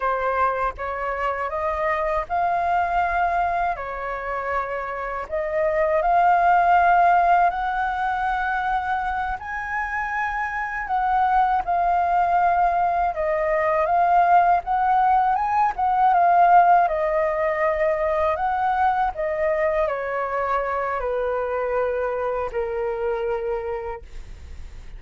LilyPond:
\new Staff \with { instrumentName = "flute" } { \time 4/4 \tempo 4 = 80 c''4 cis''4 dis''4 f''4~ | f''4 cis''2 dis''4 | f''2 fis''2~ | fis''8 gis''2 fis''4 f''8~ |
f''4. dis''4 f''4 fis''8~ | fis''8 gis''8 fis''8 f''4 dis''4.~ | dis''8 fis''4 dis''4 cis''4. | b'2 ais'2 | }